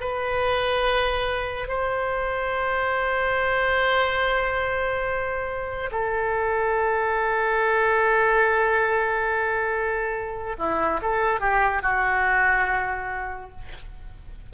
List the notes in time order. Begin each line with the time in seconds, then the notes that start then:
0.00 B4
1.67 C5
5.91 A4
10.58 E4
11.02 A4
11.40 G4
11.82 F#4